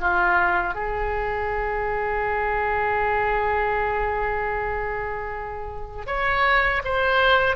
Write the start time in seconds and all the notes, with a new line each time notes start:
0.00 F4
0.75 G#4
6.07 C#5
6.85 C5